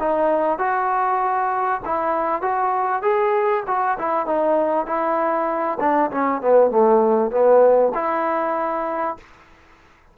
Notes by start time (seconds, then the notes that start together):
0.00 D#4
0.59 F#4
1.85 E4
2.42 F#4
3.03 G#4
3.67 F#4
3.99 E4
4.27 D#4
4.87 E4
5.80 D4
6.11 C#4
6.42 B3
6.71 A3
7.31 B3
7.95 E4